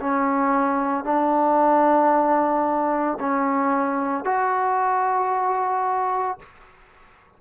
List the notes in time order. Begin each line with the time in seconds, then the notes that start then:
0.00 C#4
1.04 D4
3.20 C#4
4.25 F#4